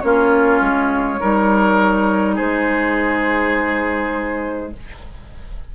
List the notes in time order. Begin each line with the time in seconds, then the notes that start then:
0.00 A#3 C#4 F4 C#5
0.61 G#3
1.20 G3 D#4 A#4
2.36 G#3 G#4 C5